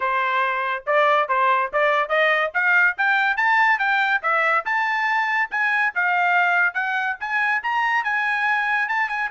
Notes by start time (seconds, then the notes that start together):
0.00 C5
0.86 D5
1.28 C5
1.72 D5
2.09 D#5
2.54 F5
2.97 G5
3.36 A5
3.78 G5
4.22 E5
4.65 A5
5.50 G#5
5.95 F5
6.74 F#5
7.19 G#5
7.62 A#5
8.03 G#5
8.88 A5
9.08 G#5